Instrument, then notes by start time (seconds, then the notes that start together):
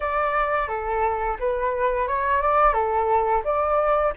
flute
0.00 D5
0.68 A4
1.39 B4
2.07 C#5
2.41 D5
2.73 A4
3.44 D5